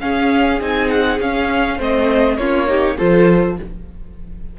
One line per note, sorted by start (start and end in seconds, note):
0.00 0.60 C#4
0.00 0.61 C#4
0.00 1.77 G#4
0.00 0.59 F5
0.61 1.20 C4
0.61 1.20 D#4
0.61 0.90 G#5
0.90 1.20 F#5
1.20 1.79 C#4
1.20 1.80 F5
1.77 2.38 A3
1.77 2.39 C4
1.77 2.37 C5
1.77 2.37 D#5
2.37 2.97 A#3
2.37 2.67 C#4
2.37 2.68 F4
2.37 2.97 C#5
2.67 2.97 D#4
2.67 2.97 G4
2.97 3.59 F3
2.97 3.57 F4
2.97 3.57 A4
2.97 3.57 C5